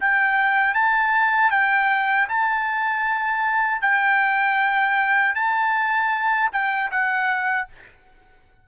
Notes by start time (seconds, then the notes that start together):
0.00 G5
0.74 A5
1.51 G5
2.28 A5
3.81 G5
5.35 A5
6.52 G5
6.91 F#5